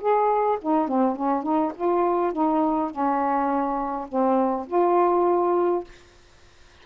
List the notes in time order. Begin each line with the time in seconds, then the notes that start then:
0.00 G#4
0.61 D#4
0.88 C4
1.16 C#4
1.42 D#4
1.75 F4
2.32 D#4
2.90 C#4
4.08 C4
4.67 F4